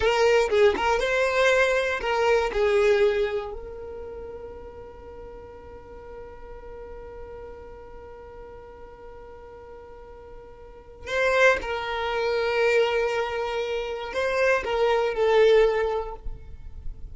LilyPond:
\new Staff \with { instrumentName = "violin" } { \time 4/4 \tempo 4 = 119 ais'4 gis'8 ais'8 c''2 | ais'4 gis'2 ais'4~ | ais'1~ | ais'1~ |
ais'1~ | ais'2 c''4 ais'4~ | ais'1 | c''4 ais'4 a'2 | }